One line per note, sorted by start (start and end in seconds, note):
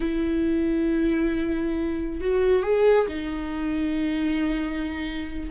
0.00 2.20 E4
2.21 2.62 F#4
2.62 3.07 G#4
3.07 5.50 D#4